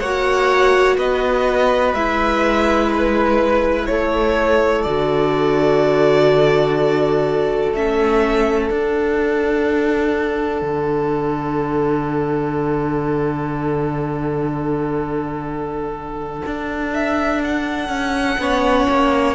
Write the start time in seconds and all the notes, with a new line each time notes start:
0.00 A#3 F#4 C#5 F#5
0.97 B3 B4 D#5
1.94 G#3 E4 E5
2.94 B4
3.86 A3 A4 C#5
4.83 D3 F#4 D5
7.74 A3 C#4 E5
8.67 D4 F#5
10.62 D3
16.46 D4
16.94 E5
17.44 F#5
17.89 C#4
18.39 B3 C#4 C#5
18.90 A#3